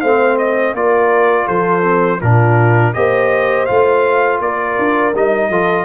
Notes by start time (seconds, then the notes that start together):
0.00 A3 C4 C5 F5
0.38 D#5
0.73 A#3 F4 A#4 D5
1.46 F3 A4 C5
1.82 C4
2.21 A#2 D4 F4 A#4
2.93 A#3 G4 C5 D#5
3.66 A3 F4 F5
4.40 A#3 A#4 D5
4.78 D4
5.14 G3 D#4 D#5
5.49 F3 F4 A4